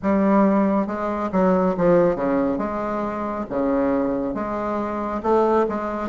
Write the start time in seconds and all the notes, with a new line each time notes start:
0.02 G3
0.86 G#3
1.32 F#3
1.77 F3
2.15 C#3
2.58 G#3
3.49 C#3
4.34 G#3
5.22 A3
5.68 G#3